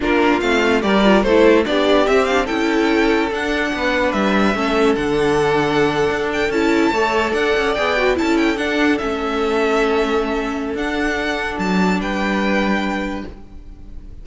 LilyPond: <<
  \new Staff \with { instrumentName = "violin" } { \time 4/4 \tempo 4 = 145 ais'4 f''4 d''4 c''4 | d''4 e''8 f''8 g''2 | fis''2 e''2 | fis''2.~ fis''16 g''8 a''16~ |
a''4.~ a''16 fis''4 g''4 a''16~ | a''16 g''8 fis''4 e''2~ e''16~ | e''2 fis''2 | a''4 g''2. | }
  \new Staff \with { instrumentName = "violin" } { \time 4/4 f'2 ais'4 a'4 | g'2 a'2~ | a'4 b'2 a'4~ | a'1~ |
a'8. cis''4 d''2 a'16~ | a'1~ | a'1~ | a'4 b'2. | }
  \new Staff \with { instrumentName = "viola" } { \time 4/4 d'4 c'4 g'8 f'8 e'4 | d'4 c'8 d'8 e'2 | d'2. cis'4 | d'2.~ d'8. e'16~ |
e'8. a'2 gis'8 fis'8 e'16~ | e'8. d'4 cis'2~ cis'16~ | cis'2 d'2~ | d'1 | }
  \new Staff \with { instrumentName = "cello" } { \time 4/4 ais4 a4 g4 a4 | b4 c'4 cis'2 | d'4 b4 g4 a4 | d2~ d8. d'4 cis'16~ |
cis'8. a4 d'8 cis'8 b4 cis'16~ | cis'8. d'4 a2~ a16~ | a2 d'2 | fis4 g2. | }
>>